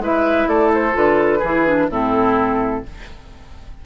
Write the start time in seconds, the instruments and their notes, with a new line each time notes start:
0.00 bassoon G#3, clarinet E4, oboe B4, flute E5
0.48 bassoon A3, oboe A4, flute D5
0.74 flute C5
0.93 bassoon D3, clarinet F4, flute B4
1.39 bassoon E3, clarinet E4, oboe G#4
1.67 clarinet D4
1.89 bassoon A2, clarinet C4, oboe E4, flute A4